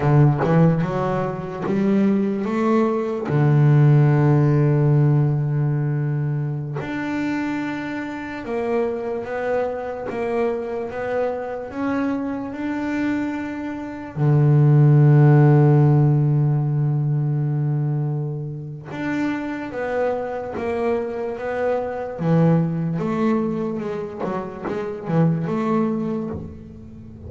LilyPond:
\new Staff \with { instrumentName = "double bass" } { \time 4/4 \tempo 4 = 73 d8 e8 fis4 g4 a4 | d1~ | d16 d'2 ais4 b8.~ | b16 ais4 b4 cis'4 d'8.~ |
d'4~ d'16 d2~ d8.~ | d2. d'4 | b4 ais4 b4 e4 | a4 gis8 fis8 gis8 e8 a4 | }